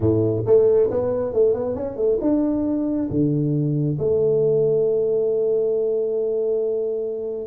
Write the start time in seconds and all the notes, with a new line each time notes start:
0.00 A2
0.45 A3
0.90 B3
1.33 A3
1.53 B3
1.75 C#4
1.96 A3
2.21 D4
3.10 D3
3.98 A3